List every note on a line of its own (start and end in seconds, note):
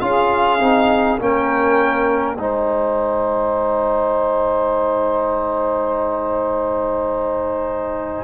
0.00 0.60 C#4
0.00 0.59 F4
0.00 1.19 G#4
0.00 1.18 F5
0.60 1.19 C4
0.60 1.18 D#4
1.19 2.37 A#3
1.19 2.37 C#4
1.19 2.37 A#4
1.19 2.36 G5
2.36 8.23 G#3
2.36 8.23 D#4
2.36 8.23 C5
2.36 8.23 G#5